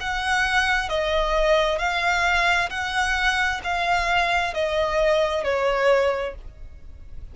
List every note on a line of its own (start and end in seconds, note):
0.00 0.89 F#5
0.89 1.78 D#5
1.78 2.69 F5
2.70 3.61 F#5
3.64 4.53 F5
4.53 5.44 D#5
5.44 6.35 C#5